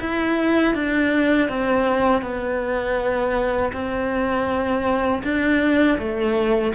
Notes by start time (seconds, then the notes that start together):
0.00 E4
0.74 D4
1.49 C4
2.22 B3
3.73 C4
5.23 D4
5.98 A3